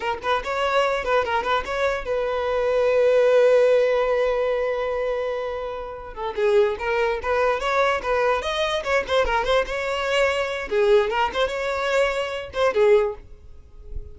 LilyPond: \new Staff \with { instrumentName = "violin" } { \time 4/4 \tempo 4 = 146 ais'8 b'8 cis''4. b'8 ais'8 b'8 | cis''4 b'2.~ | b'1~ | b'2. a'8 gis'8~ |
gis'8 ais'4 b'4 cis''4 b'8~ | b'8 dis''4 cis''8 c''8 ais'8 c''8 cis''8~ | cis''2 gis'4 ais'8 c''8 | cis''2~ cis''8 c''8 gis'4 | }